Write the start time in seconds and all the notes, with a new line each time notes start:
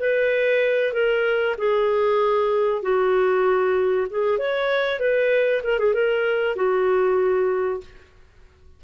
0.00 B4
0.93 A#4
1.58 G#4
2.82 F#4
4.10 G#4
4.38 C#5
5.00 B4
5.63 A#4
5.79 G#4
5.94 A#4
6.56 F#4